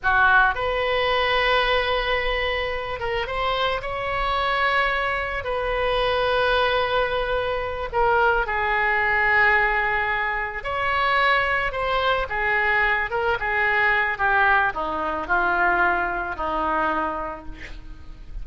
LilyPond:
\new Staff \with { instrumentName = "oboe" } { \time 4/4 \tempo 4 = 110 fis'4 b'2.~ | b'4. ais'8 c''4 cis''4~ | cis''2 b'2~ | b'2~ b'8 ais'4 gis'8~ |
gis'2.~ gis'8 cis''8~ | cis''4. c''4 gis'4. | ais'8 gis'4. g'4 dis'4 | f'2 dis'2 | }